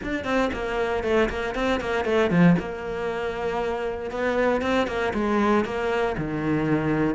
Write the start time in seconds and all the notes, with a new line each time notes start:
0.02 D4
0.24 C4
0.53 A#3
1.03 A3
1.29 A#3
1.54 C4
1.80 A#3
2.04 A3
2.30 F3
2.59 A#3
4.10 B3
4.61 C4
4.87 A#3
5.13 G#3
5.64 A#3
6.17 D#3